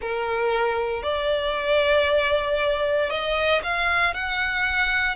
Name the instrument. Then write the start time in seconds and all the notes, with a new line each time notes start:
violin
0.00 A#4
1.03 D5
3.09 D#5
3.63 F5
4.14 F#5